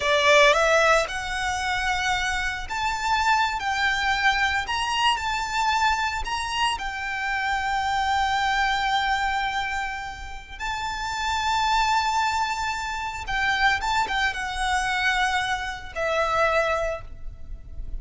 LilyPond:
\new Staff \with { instrumentName = "violin" } { \time 4/4 \tempo 4 = 113 d''4 e''4 fis''2~ | fis''4 a''4.~ a''16 g''4~ g''16~ | g''8. ais''4 a''2 ais''16~ | ais''8. g''2.~ g''16~ |
g''1 | a''1~ | a''4 g''4 a''8 g''8 fis''4~ | fis''2 e''2 | }